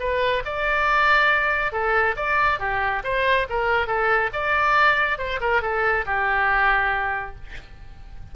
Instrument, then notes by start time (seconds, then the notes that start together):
oboe
0.00 B4
0.45 D5
1.73 A4
2.17 D5
2.60 G4
3.04 C5
3.50 A#4
3.87 A4
4.33 D5
5.19 C5
5.41 A#4
5.62 A4
6.06 G4